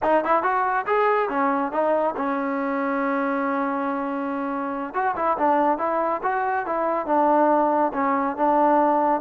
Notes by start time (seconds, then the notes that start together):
0.02 D#4
0.24 E4
0.42 F#4
0.86 G#4
1.29 C#4
1.72 D#4
2.16 C#4
4.94 F#4
5.15 E4
5.38 D4
5.78 E4
6.23 F#4
6.66 E4
7.06 D4
7.93 C#4
8.36 D4